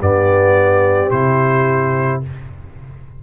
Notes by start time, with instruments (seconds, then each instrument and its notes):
0.00 tuba G2, trombone B3, horn G4, trumpet D5
1.10 tuba C3, trombone E4, trumpet C5